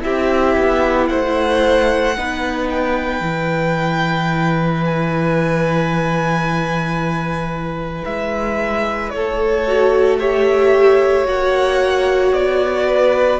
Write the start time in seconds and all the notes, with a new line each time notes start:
0.00 C4 E4 G4 E5
0.57 B3
1.07 A3 C5 F#5
2.17 B3 D#4 B4
2.70 G5
3.20 E3 E4
4.85 G#5
8.04 G#3 E5
9.10 A3 A4 C#5
9.67 F#4
10.19 G4 C#5 E5
11.25 A#3 F#4 F#5
12.33 B3 D5
12.87 B4